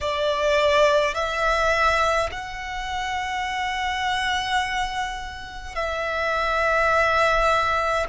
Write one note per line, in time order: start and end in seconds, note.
0.01 1.14 D5
1.14 2.29 E5
2.31 5.75 F#5
5.75 8.06 E5